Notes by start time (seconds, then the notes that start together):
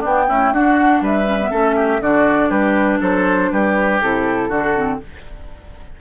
0.00 B3 D4 G5
0.28 A3 C#4 E4
0.52 D4 F#4 F#5
1.01 G3 B4 E5
1.26 C#4
1.40 B3
1.51 A3 C#4 A4
1.76 G4
2.00 D3 D4 F#4 D5
2.49 G3 G4 B4
3.01 F#3 A4 C5
3.51 G3 G4 B4
4.02 C3 E4 A4
4.48 D3 D4 F#4
4.75 C4